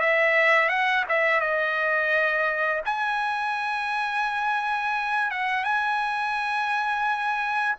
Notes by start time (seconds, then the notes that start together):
0.00 E5
0.69 F#5
1.09 E5
1.40 D#5
2.85 G#5
5.31 F#5
5.64 G#5